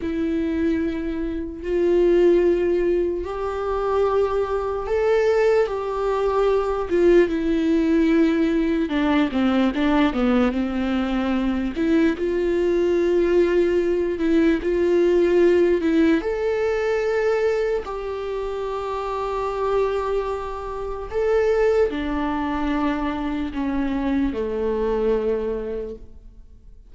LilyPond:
\new Staff \with { instrumentName = "viola" } { \time 4/4 \tempo 4 = 74 e'2 f'2 | g'2 a'4 g'4~ | g'8 f'8 e'2 d'8 c'8 | d'8 b8 c'4. e'8 f'4~ |
f'4. e'8 f'4. e'8 | a'2 g'2~ | g'2 a'4 d'4~ | d'4 cis'4 a2 | }